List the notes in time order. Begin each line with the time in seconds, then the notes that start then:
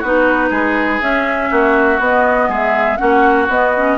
0.00 B3 D#4 F#4 B4
0.50 G#3 G#4
1.01 C#4 E5
1.51 A#3 F#4
1.99 B3 D#5
2.48 G#3 G#4 E5
2.97 A#3 C#4 F#4 F#5
3.48 B3 D#5
3.76 C#4